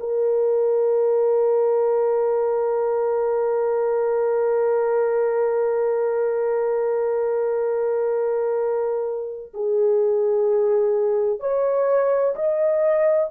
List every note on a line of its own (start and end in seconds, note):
0.00 9.52 A#4
9.54 11.40 G#4
11.40 12.35 C#5
12.35 13.31 D#5